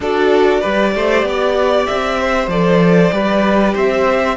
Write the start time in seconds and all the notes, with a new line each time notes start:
0.00 D4 F#4 A4 D5
0.60 G3 G4 B4
0.95 A3 C5
1.23 B3 D5
1.86 C4 E5
2.20 C5
2.47 F3 A4 D5
3.10 G3 G4 B4
3.73 C4 C5 E5